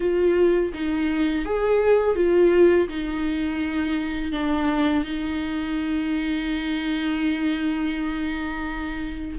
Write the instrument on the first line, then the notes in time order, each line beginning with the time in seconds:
viola
0.00 F4
0.73 D#4
1.45 G#4
2.15 F4
2.88 D#4
4.32 D4
5.04 D#4